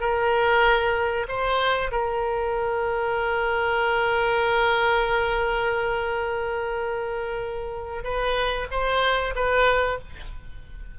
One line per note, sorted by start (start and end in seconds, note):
0.00 1.26 A#4
1.28 1.91 C5
1.91 8.04 A#4
8.04 8.67 B4
8.71 9.34 C5
9.35 9.98 B4